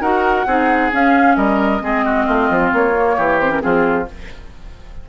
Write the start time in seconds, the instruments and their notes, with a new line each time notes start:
0.00 bassoon D#4, clarinet F#4, oboe A#4, flute F#5
0.46 bassoon C4, clarinet D#4, oboe G#4
0.91 clarinet C#4, bassoon C#4, flute F5
1.35 bassoon G3, oboe A#4, flute D#5
1.80 bassoon G#3, clarinet C4, oboe G#4
2.05 oboe F#4
2.25 bassoon A3, oboe F4
2.49 bassoon F3
2.72 bassoon A#3, flute C#5
2.94 clarinet A#3
3.16 bassoon E3, oboe G4
3.40 clarinet C4, flute C5
3.49 clarinet C#4, flute A#4
3.60 bassoon F3, clarinet C4, oboe F4, flute G#4